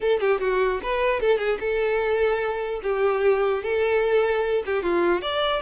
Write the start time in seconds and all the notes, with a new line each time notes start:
0.00 A4
0.20 G4
0.40 F#4
0.82 B4
1.20 A4
1.38 G#4
1.59 A4
2.82 G4
3.63 A4
4.66 G4
4.82 F4
5.21 D5